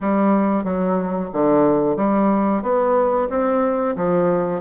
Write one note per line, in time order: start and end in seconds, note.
0.01 0.64 G3
0.64 1.29 F#3
1.33 1.96 D3
1.96 2.62 G3
2.62 3.28 B3
3.29 3.95 C4
3.96 4.61 F3